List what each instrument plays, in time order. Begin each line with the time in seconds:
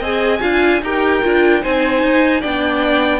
0.00 cello C4, viola G#4, violin D#5 G#5
0.41 cello D4, viola F4, violin F5
0.82 cello D#4, viola G4, violin A#4 G5
1.23 cello D4, viola F4
1.61 cello C4, viola D#4, violin C5 G#5
2.03 cello D#4
2.41 cello B3, viola D4, violin D5 G5